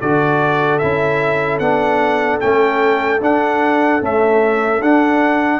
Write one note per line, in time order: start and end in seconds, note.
0.00 0.82 D3
0.00 0.81 F#4
0.00 5.60 A4
0.00 0.78 D5
0.78 1.59 C#4
0.78 1.61 E4
0.78 1.58 E5
1.59 2.39 B3
1.59 2.40 D4
1.59 2.39 F#5
2.40 3.21 A3
2.40 3.20 C#4
2.40 3.20 G5
3.21 4.01 D4
3.21 4.03 F#5
4.01 4.81 A3
4.01 4.81 C#4
4.01 4.82 E5
4.81 5.60 D4
4.81 5.60 F#5